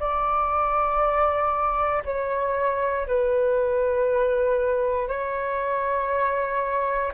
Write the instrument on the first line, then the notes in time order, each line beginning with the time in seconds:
flute
0.00 D5
2.05 C#5
3.07 B4
5.08 C#5